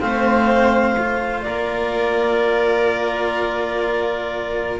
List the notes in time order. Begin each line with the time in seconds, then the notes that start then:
0.00 A3 C4 C5 F5
0.98 F4
1.42 A#3 A#4 D5